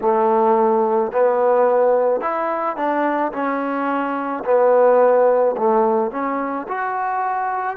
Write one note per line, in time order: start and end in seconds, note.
0.01 1.12 A3
1.12 2.20 B3
2.20 2.76 E4
2.76 3.31 D4
3.32 4.43 C#4
4.44 5.55 B3
5.57 6.11 A3
6.11 6.67 C#4
6.68 7.76 F#4